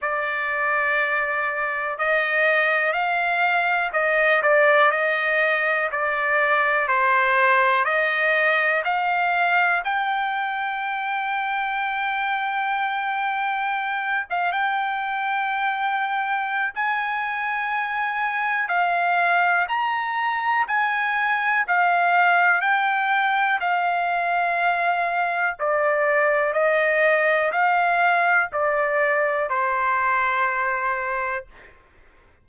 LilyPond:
\new Staff \with { instrumentName = "trumpet" } { \time 4/4 \tempo 4 = 61 d''2 dis''4 f''4 | dis''8 d''8 dis''4 d''4 c''4 | dis''4 f''4 g''2~ | g''2~ g''8 f''16 g''4~ g''16~ |
g''4 gis''2 f''4 | ais''4 gis''4 f''4 g''4 | f''2 d''4 dis''4 | f''4 d''4 c''2 | }